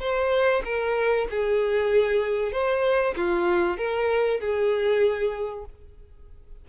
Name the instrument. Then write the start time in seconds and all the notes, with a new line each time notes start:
violin
0.00 C5
0.64 A#4
1.30 G#4
2.52 C5
3.16 F4
3.77 A#4
4.40 G#4